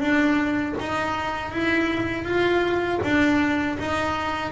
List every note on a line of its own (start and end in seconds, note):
0.00 0.75 D4
0.79 1.52 D#4
1.52 2.24 E4
2.24 2.99 F4
3.03 3.78 D4
3.79 4.52 D#4